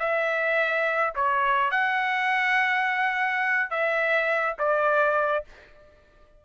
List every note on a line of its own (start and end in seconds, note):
0.00 1.14 E5
1.16 1.71 C#5
1.71 3.71 F#5
3.71 4.56 E5
4.59 5.45 D5